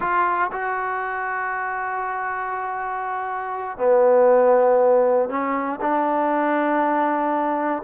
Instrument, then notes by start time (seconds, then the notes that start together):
trombone
0.00 F4
0.52 F#4
3.77 B3
5.29 C#4
5.81 D4